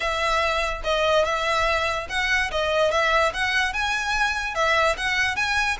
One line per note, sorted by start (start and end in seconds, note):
0.00 0.81 E5
0.84 1.25 D#5
1.25 2.07 E5
2.09 2.50 F#5
2.51 2.91 D#5
2.91 3.32 E5
3.33 3.73 F#5
3.73 4.54 G#5
4.54 4.96 E5
4.97 5.36 F#5
5.36 5.77 G#5